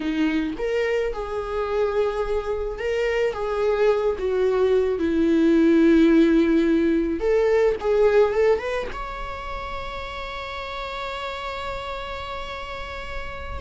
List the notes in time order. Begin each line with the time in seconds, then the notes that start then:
0.00 D#4
0.57 A#4
1.13 G#4
2.79 A#4
3.33 G#4
4.18 F#4
4.98 E4
7.19 A4
7.80 G#4
8.33 A4
8.58 B4
8.93 C#5